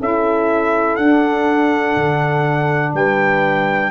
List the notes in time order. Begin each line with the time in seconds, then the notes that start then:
0.00 C#4 E4 A4 E5
0.97 D4 F#5
1.97 D3
2.94 G3 B4 G5